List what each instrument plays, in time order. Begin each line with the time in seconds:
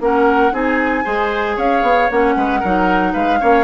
0.00 bassoon A#3, clarinet C#4, oboe A#4, flute F#5
0.51 bassoon C4, clarinet D#4, oboe G#4, flute G#5
1.04 bassoon G#3, clarinet G#4, oboe C5
1.56 bassoon C#4, oboe C#5, flute F5
1.82 bassoon B3
2.10 bassoon A#3, clarinet C#4, flute F#5
2.35 bassoon G#3, oboe B4
2.60 bassoon F#3, clarinet D#4, oboe A#4
3.12 bassoon G#3, oboe B4, flute F5
3.39 bassoon A#3, clarinet C#4, oboe C#5